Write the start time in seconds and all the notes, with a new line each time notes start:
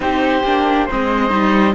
0.00 C4 D#4 G4 C5
0.44 A#3 D4
0.85 C4 C5 D#5
0.92 G#3
1.29 G3 D#4